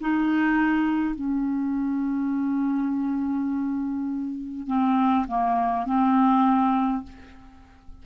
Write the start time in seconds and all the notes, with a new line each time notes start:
0.00 D#4
1.14 C#4
4.67 C4
5.27 A#3
5.86 C4